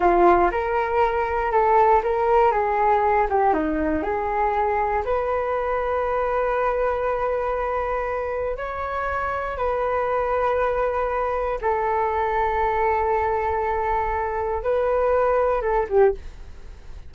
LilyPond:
\new Staff \with { instrumentName = "flute" } { \time 4/4 \tempo 4 = 119 f'4 ais'2 a'4 | ais'4 gis'4. g'8 dis'4 | gis'2 b'2~ | b'1~ |
b'4 cis''2 b'4~ | b'2. a'4~ | a'1~ | a'4 b'2 a'8 g'8 | }